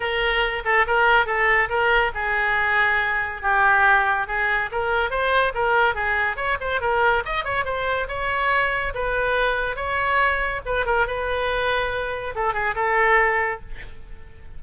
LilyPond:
\new Staff \with { instrumentName = "oboe" } { \time 4/4 \tempo 4 = 141 ais'4. a'8 ais'4 a'4 | ais'4 gis'2. | g'2 gis'4 ais'4 | c''4 ais'4 gis'4 cis''8 c''8 |
ais'4 dis''8 cis''8 c''4 cis''4~ | cis''4 b'2 cis''4~ | cis''4 b'8 ais'8 b'2~ | b'4 a'8 gis'8 a'2 | }